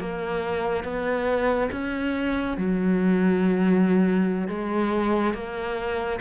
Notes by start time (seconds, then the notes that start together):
0.00 A#3
0.85 B3
1.72 C#4
2.58 F#3
4.48 G#3
5.35 A#3